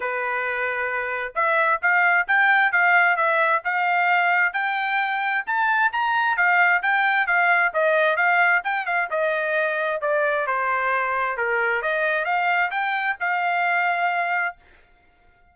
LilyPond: \new Staff \with { instrumentName = "trumpet" } { \time 4/4 \tempo 4 = 132 b'2. e''4 | f''4 g''4 f''4 e''4 | f''2 g''2 | a''4 ais''4 f''4 g''4 |
f''4 dis''4 f''4 g''8 f''8 | dis''2 d''4 c''4~ | c''4 ais'4 dis''4 f''4 | g''4 f''2. | }